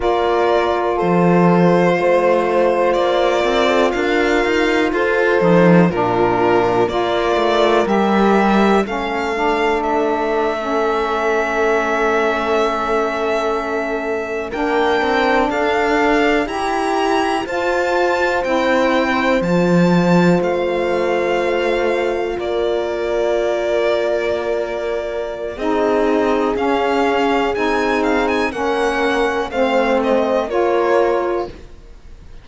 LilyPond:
<<
  \new Staff \with { instrumentName = "violin" } { \time 4/4 \tempo 4 = 61 d''4 c''2 d''4 | f''4 c''4 ais'4 d''4 | e''4 f''4 e''2~ | e''2~ e''8. g''4 f''16~ |
f''8. ais''4 a''4 g''4 a''16~ | a''8. f''2 d''4~ d''16~ | d''2 dis''4 f''4 | gis''8 f''16 gis''16 fis''4 f''8 dis''8 cis''4 | }
  \new Staff \with { instrumentName = "horn" } { \time 4/4 ais'4 a'4 c''4. ais'16 a'16 | ais'4 a'4 f'4 ais'4~ | ais'4 a'2.~ | a'2~ a'8. ais'4 a'16~ |
a'8. g'4 c''2~ c''16~ | c''2~ c''8. ais'4~ ais'16~ | ais'2 gis'2~ | gis'4 ais'4 c''4 ais'4 | }
  \new Staff \with { instrumentName = "saxophone" } { \time 4/4 f'1~ | f'4. dis'8 d'4 f'4 | g'4 cis'8 d'4~ d'16 cis'4~ cis'16~ | cis'2~ cis'8. d'4~ d'16~ |
d'8. g'4 f'4 e'4 f'16~ | f'1~ | f'2 dis'4 cis'4 | dis'4 cis'4 c'4 f'4 | }
  \new Staff \with { instrumentName = "cello" } { \time 4/4 ais4 f4 a4 ais8 c'8 | d'8 dis'8 f'8 f8 ais,4 ais8 a8 | g4 a2.~ | a2~ a8. ais8 c'8 d'16~ |
d'8. e'4 f'4 c'4 f16~ | f8. a2 ais4~ ais16~ | ais2 c'4 cis'4 | c'4 ais4 a4 ais4 | }
>>